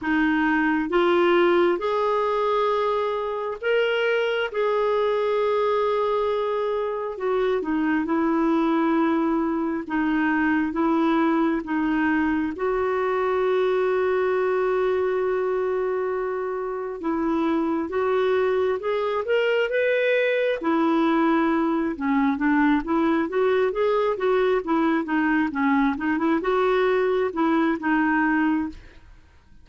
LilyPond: \new Staff \with { instrumentName = "clarinet" } { \time 4/4 \tempo 4 = 67 dis'4 f'4 gis'2 | ais'4 gis'2. | fis'8 dis'8 e'2 dis'4 | e'4 dis'4 fis'2~ |
fis'2. e'4 | fis'4 gis'8 ais'8 b'4 e'4~ | e'8 cis'8 d'8 e'8 fis'8 gis'8 fis'8 e'8 | dis'8 cis'8 dis'16 e'16 fis'4 e'8 dis'4 | }